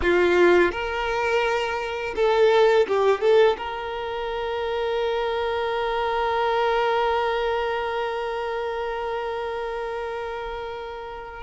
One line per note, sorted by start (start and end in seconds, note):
0.02 0.71 F4
0.71 2.14 A#4
2.15 2.86 A4
2.87 3.20 G4
3.20 3.56 A4
3.57 11.43 A#4